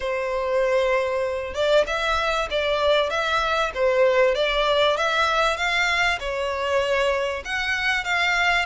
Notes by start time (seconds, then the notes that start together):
0.00 C5
1.54 D5
1.86 E5
2.50 D5
3.09 E5
3.74 C5
4.34 D5
4.97 E5
5.56 F5
6.19 C#5
7.44 F#5
8.04 F5